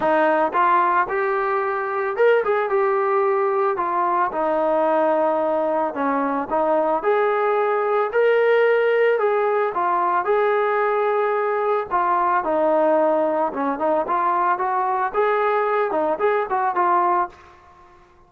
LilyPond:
\new Staff \with { instrumentName = "trombone" } { \time 4/4 \tempo 4 = 111 dis'4 f'4 g'2 | ais'8 gis'8 g'2 f'4 | dis'2. cis'4 | dis'4 gis'2 ais'4~ |
ais'4 gis'4 f'4 gis'4~ | gis'2 f'4 dis'4~ | dis'4 cis'8 dis'8 f'4 fis'4 | gis'4. dis'8 gis'8 fis'8 f'4 | }